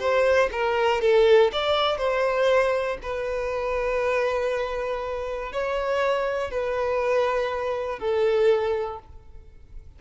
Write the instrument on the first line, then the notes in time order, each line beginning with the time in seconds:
violin
0.00 C5
0.52 A#4
1.02 A4
1.52 D5
1.98 C5
3.03 B4
5.52 C#5
6.51 B4
8.00 A4